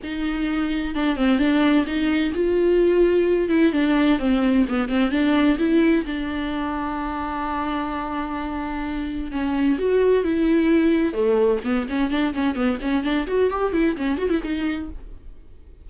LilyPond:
\new Staff \with { instrumentName = "viola" } { \time 4/4 \tempo 4 = 129 dis'2 d'8 c'8 d'4 | dis'4 f'2~ f'8 e'8 | d'4 c'4 b8 c'8 d'4 | e'4 d'2.~ |
d'1 | cis'4 fis'4 e'2 | a4 b8 cis'8 d'8 cis'8 b8 cis'8 | d'8 fis'8 g'8 e'8 cis'8 fis'16 e'16 dis'4 | }